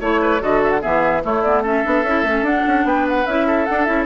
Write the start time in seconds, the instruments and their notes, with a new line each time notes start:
0.00 bassoon A3, clarinet E4, oboe C#5, flute C#5
0.21 oboe B4
0.40 bassoon D3, clarinet F#4, oboe A4, flute D#5
0.63 flute E5
0.70 flute F#5
0.81 bassoon E3, clarinet B3, oboe G#4, flute E5
1.22 clarinet A3, bassoon A3, oboe E4, flute C#5
1.42 clarinet B3, flute D5
1.62 clarinet C#4, oboe A4, flute E5
1.83 bassoon B3, clarinet D4
2.03 bassoon C#4, clarinet E4
2.22 bassoon A3, clarinet C#4
2.42 bassoon D4, clarinet D4, flute F#5
2.67 bassoon C#4
2.84 bassoon B3, oboe B4, flute G5
3.08 flute F#5
3.26 bassoon C#4, clarinet E4, flute E5
3.46 oboe A4
3.65 clarinet D4, bassoon D4, flute F#5
3.84 bassoon C#4, clarinet E4, flute E5